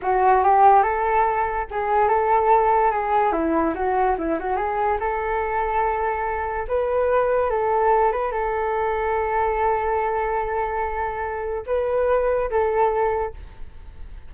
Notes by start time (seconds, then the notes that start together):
0.02 F#4
0.43 G4
0.83 A4
1.70 G#4
2.08 A4
2.91 G#4
3.32 E4
3.74 F#4
4.17 E4
4.39 F#4
4.56 G#4
4.99 A4
6.68 B4
7.50 A4
8.12 B4
8.31 A4
11.66 B4
12.50 A4